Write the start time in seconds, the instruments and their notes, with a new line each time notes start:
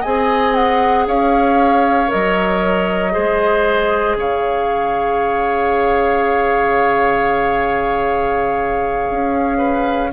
0.00 bassoon C4, clarinet G#4, oboe D#5, flute G#5
0.54 flute F#5
1.06 bassoon C#4, oboe C#5, flute F5
2.07 clarinet A#4, flute D#5
2.13 bassoon F#3
3.11 clarinet G#4, oboe C5
3.17 bassoon G#3
4.16 bassoon C#3, oboe C#5, flute F5
9.10 bassoon C#4
9.57 oboe B4